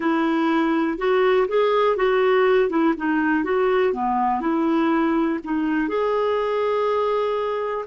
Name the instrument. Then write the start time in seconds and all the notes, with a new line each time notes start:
clarinet
0.00 E4
0.97 F#4
1.48 G#4
1.96 F#4
2.69 E4
2.97 D#4
3.43 F#4
3.93 B3
4.40 E4
5.44 D#4
5.88 G#4